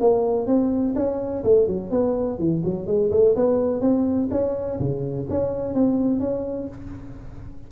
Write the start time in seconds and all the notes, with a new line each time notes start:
0.00 A#3
0.46 C4
0.96 C#4
1.44 A3
1.67 F#3
1.91 B3
2.39 E3
2.64 F#3
2.87 G#3
3.11 A3
3.36 B3
3.81 C4
4.31 C#4
4.79 C#3
5.30 C#4
5.74 C4
6.20 C#4